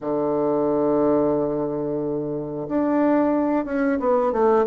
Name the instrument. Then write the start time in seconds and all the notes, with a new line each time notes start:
bassoon
0.00 D3
2.68 D4
3.65 C#4
3.99 B3
4.32 A3